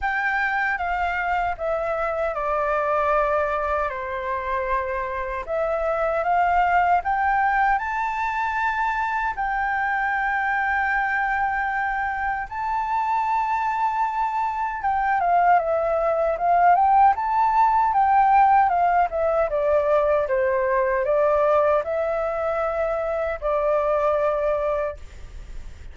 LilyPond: \new Staff \with { instrumentName = "flute" } { \time 4/4 \tempo 4 = 77 g''4 f''4 e''4 d''4~ | d''4 c''2 e''4 | f''4 g''4 a''2 | g''1 |
a''2. g''8 f''8 | e''4 f''8 g''8 a''4 g''4 | f''8 e''8 d''4 c''4 d''4 | e''2 d''2 | }